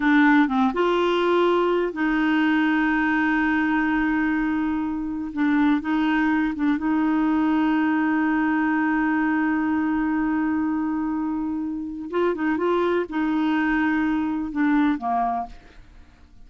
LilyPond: \new Staff \with { instrumentName = "clarinet" } { \time 4/4 \tempo 4 = 124 d'4 c'8 f'2~ f'8 | dis'1~ | dis'2. d'4 | dis'4. d'8 dis'2~ |
dis'1~ | dis'1~ | dis'4 f'8 dis'8 f'4 dis'4~ | dis'2 d'4 ais4 | }